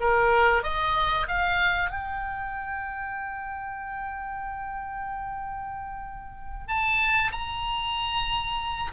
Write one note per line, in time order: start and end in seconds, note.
0.00 0.63 A#4
0.63 1.27 D#5
1.27 1.90 F5
1.90 6.68 G5
6.68 7.31 A5
7.32 8.91 A#5